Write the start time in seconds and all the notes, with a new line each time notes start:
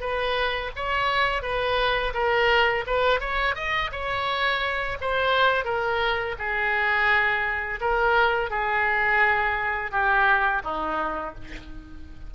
0.00 B4
0.76 C#5
1.42 B4
2.14 A#4
2.86 B4
3.20 C#5
3.55 D#5
3.91 C#5
5.01 C5
5.64 A#4
6.39 G#4
7.81 A#4
8.50 G#4
9.91 G4
10.64 D#4